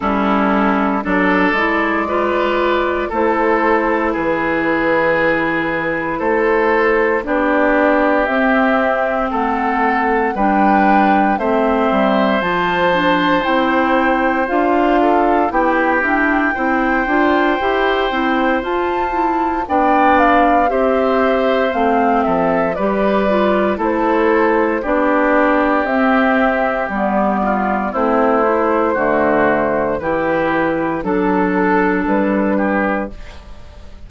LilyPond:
<<
  \new Staff \with { instrumentName = "flute" } { \time 4/4 \tempo 4 = 58 a'4 d''2 c''4 | b'2 c''4 d''4 | e''4 fis''4 g''4 e''4 | a''4 g''4 f''4 g''4~ |
g''2 a''4 g''8 f''8 | e''4 f''8 e''8 d''4 c''4 | d''4 e''4 d''4 c''4~ | c''4 b'4 a'4 b'4 | }
  \new Staff \with { instrumentName = "oboe" } { \time 4/4 e'4 a'4 b'4 a'4 | gis'2 a'4 g'4~ | g'4 a'4 b'4 c''4~ | c''2~ c''8 a'8 g'4 |
c''2. d''4 | c''4. a'8 b'4 a'4 | g'2~ g'8 f'8 e'4 | fis'4 g'4 a'4. g'8 | }
  \new Staff \with { instrumentName = "clarinet" } { \time 4/4 cis'4 d'8 e'8 f'4 e'4~ | e'2. d'4 | c'2 d'4 c'4 | f'8 d'8 e'4 f'4 e'8 d'8 |
e'8 f'8 g'8 e'8 f'8 e'8 d'4 | g'4 c'4 g'8 f'8 e'4 | d'4 c'4 b4 c'8 e'8 | a4 e'4 d'2 | }
  \new Staff \with { instrumentName = "bassoon" } { \time 4/4 g4 fis8 gis4. a4 | e2 a4 b4 | c'4 a4 g4 a8 g8 | f4 c'4 d'4 b8 e'8 |
c'8 d'8 e'8 c'8 f'4 b4 | c'4 a8 f8 g4 a4 | b4 c'4 g4 a4 | d4 e4 fis4 g4 | }
>>